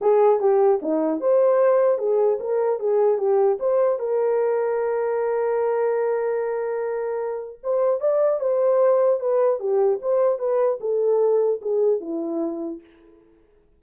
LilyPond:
\new Staff \with { instrumentName = "horn" } { \time 4/4 \tempo 4 = 150 gis'4 g'4 dis'4 c''4~ | c''4 gis'4 ais'4 gis'4 | g'4 c''4 ais'2~ | ais'1~ |
ais'2. c''4 | d''4 c''2 b'4 | g'4 c''4 b'4 a'4~ | a'4 gis'4 e'2 | }